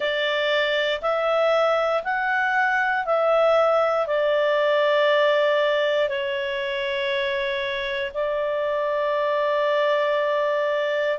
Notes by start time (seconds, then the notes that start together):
0.00 D5
1.01 E5
2.03 F#5
3.05 E5
4.06 D5
6.08 C#5
8.14 D5